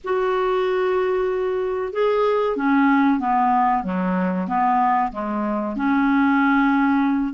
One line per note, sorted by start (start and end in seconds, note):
0.03 1.92 F#4
1.92 2.56 G#4
2.56 3.19 C#4
3.19 3.83 B3
3.83 4.47 F#3
4.47 5.11 B3
5.12 5.76 G#3
5.76 7.33 C#4